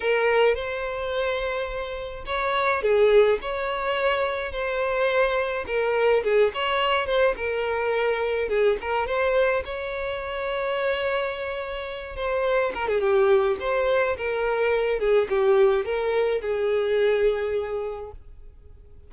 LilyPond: \new Staff \with { instrumentName = "violin" } { \time 4/4 \tempo 4 = 106 ais'4 c''2. | cis''4 gis'4 cis''2 | c''2 ais'4 gis'8 cis''8~ | cis''8 c''8 ais'2 gis'8 ais'8 |
c''4 cis''2.~ | cis''4. c''4 ais'16 gis'16 g'4 | c''4 ais'4. gis'8 g'4 | ais'4 gis'2. | }